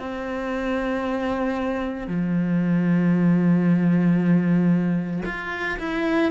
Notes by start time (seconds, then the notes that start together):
0.00 C4
2.08 F3
5.26 F4
5.79 E4